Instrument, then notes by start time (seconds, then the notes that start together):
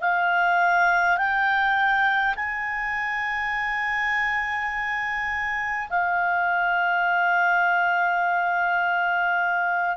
clarinet
0.00 F5
1.17 G5
2.35 G#5
5.89 F5